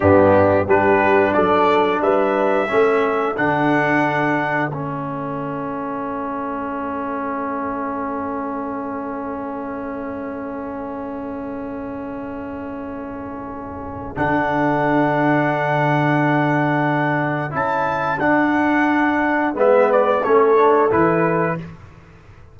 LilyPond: <<
  \new Staff \with { instrumentName = "trumpet" } { \time 4/4 \tempo 4 = 89 g'4 b'4 d''4 e''4~ | e''4 fis''2 e''4~ | e''1~ | e''1~ |
e''1~ | e''4 fis''2.~ | fis''2 a''4 fis''4~ | fis''4 e''8 d''8 cis''4 b'4 | }
  \new Staff \with { instrumentName = "horn" } { \time 4/4 d'4 g'4 a'4 b'4 | a'1~ | a'1~ | a'1~ |
a'1~ | a'1~ | a'1~ | a'4 b'4 a'2 | }
  \new Staff \with { instrumentName = "trombone" } { \time 4/4 b4 d'2. | cis'4 d'2 cis'4~ | cis'1~ | cis'1~ |
cis'1~ | cis'4 d'2.~ | d'2 e'4 d'4~ | d'4 b4 cis'8 d'8 e'4 | }
  \new Staff \with { instrumentName = "tuba" } { \time 4/4 g,4 g4 fis4 g4 | a4 d2 a4~ | a1~ | a1~ |
a1~ | a4 d2.~ | d2 cis'4 d'4~ | d'4 gis4 a4 e4 | }
>>